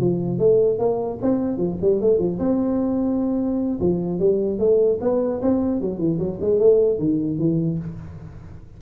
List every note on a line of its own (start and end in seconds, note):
0.00 0.39 F3
0.39 0.79 A3
0.79 1.19 A#3
1.22 1.57 C4
1.57 1.77 F3
1.81 2.01 G3
2.01 2.19 A3
2.19 2.39 F3
2.39 3.79 C4
3.80 4.20 F3
4.20 4.59 G3
4.59 4.99 A3
5.01 5.41 B3
5.42 5.81 C4
5.81 5.99 F#3
5.99 6.19 E3
6.19 6.39 F#3
6.41 6.60 G#3
6.60 6.99 A3
6.99 7.39 D#3
7.39 7.79 E3